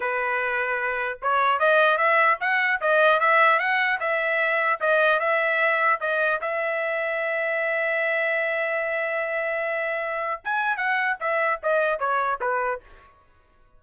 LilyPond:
\new Staff \with { instrumentName = "trumpet" } { \time 4/4 \tempo 4 = 150 b'2. cis''4 | dis''4 e''4 fis''4 dis''4 | e''4 fis''4 e''2 | dis''4 e''2 dis''4 |
e''1~ | e''1~ | e''2 gis''4 fis''4 | e''4 dis''4 cis''4 b'4 | }